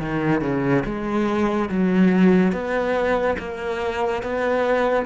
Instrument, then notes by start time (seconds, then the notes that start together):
cello
0.00 D#3
0.41 C#3
0.85 G#3
1.69 F#3
2.52 B3
3.38 A#3
4.22 B3